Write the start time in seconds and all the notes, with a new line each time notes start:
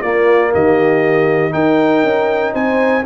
0.00 A#3 F4 D5
0.53 D#3 G4 D#5
1.51 D#4 A#4 G5
2.03 C#4
2.53 C4 C5 G#5